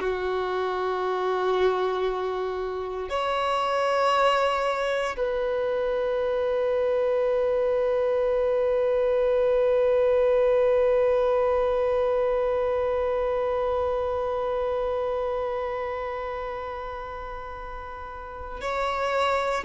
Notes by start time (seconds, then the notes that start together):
0.00 F#4
3.09 C#5
5.17 B4
18.61 C#5